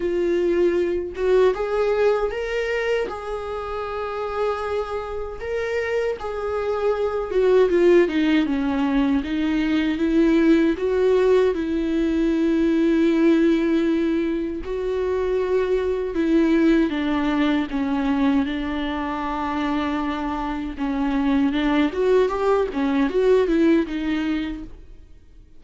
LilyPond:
\new Staff \with { instrumentName = "viola" } { \time 4/4 \tempo 4 = 78 f'4. fis'8 gis'4 ais'4 | gis'2. ais'4 | gis'4. fis'8 f'8 dis'8 cis'4 | dis'4 e'4 fis'4 e'4~ |
e'2. fis'4~ | fis'4 e'4 d'4 cis'4 | d'2. cis'4 | d'8 fis'8 g'8 cis'8 fis'8 e'8 dis'4 | }